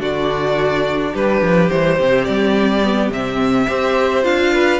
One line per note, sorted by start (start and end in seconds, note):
0.00 1.13 D3
0.00 1.70 D4
0.00 1.13 F#4
0.00 1.16 D5
1.13 1.42 G3
1.13 3.68 G4
1.13 1.70 B4
1.42 1.70 F3
1.70 2.00 E3
1.70 1.99 G3
1.70 2.25 C5
2.00 2.28 C3
2.00 2.83 C4
2.25 3.11 G3
2.25 3.10 D5
2.83 3.12 B3
3.11 3.67 C3
3.11 3.68 C4
3.11 4.25 E5
3.68 4.25 C4
3.68 4.23 G4
3.68 4.54 C5
4.23 4.80 D4
4.23 4.80 F4
4.23 4.80 F5
4.54 4.80 B4